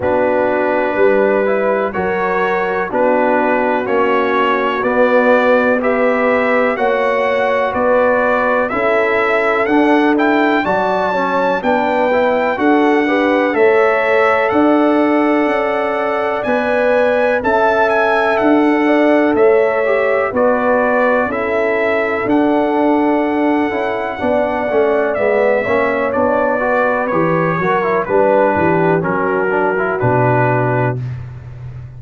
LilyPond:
<<
  \new Staff \with { instrumentName = "trumpet" } { \time 4/4 \tempo 4 = 62 b'2 cis''4 b'4 | cis''4 d''4 e''4 fis''4 | d''4 e''4 fis''8 g''8 a''4 | g''4 fis''4 e''4 fis''4~ |
fis''4 gis''4 a''8 gis''8 fis''4 | e''4 d''4 e''4 fis''4~ | fis''2 e''4 d''4 | cis''4 b'4 ais'4 b'4 | }
  \new Staff \with { instrumentName = "horn" } { \time 4/4 fis'4 b'4 ais'4 fis'4~ | fis'2 b'4 cis''4 | b'4 a'2 d''8 cis''8 | b'4 a'8 b'8 cis''4 d''4~ |
d''2 e''4~ e''16 d'16 d''8 | cis''4 b'4 a'2~ | a'4 d''4. cis''4 b'8~ | b'8 ais'8 b'8 g'8 fis'2 | }
  \new Staff \with { instrumentName = "trombone" } { \time 4/4 d'4. e'8 fis'4 d'4 | cis'4 b4 g'4 fis'4~ | fis'4 e'4 d'8 e'8 fis'8 cis'8 | d'8 e'8 fis'8 g'8 a'2~ |
a'4 b'4 a'2~ | a'8 g'8 fis'4 e'4 d'4~ | d'8 e'8 d'8 cis'8 b8 cis'8 d'8 fis'8 | g'8 fis'16 e'16 d'4 cis'8 d'16 e'16 d'4 | }
  \new Staff \with { instrumentName = "tuba" } { \time 4/4 b4 g4 fis4 b4 | ais4 b2 ais4 | b4 cis'4 d'4 fis4 | b4 d'4 a4 d'4 |
cis'4 b4 cis'4 d'4 | a4 b4 cis'4 d'4~ | d'8 cis'8 b8 a8 gis8 ais8 b4 | e8 fis8 g8 e8 fis4 b,4 | }
>>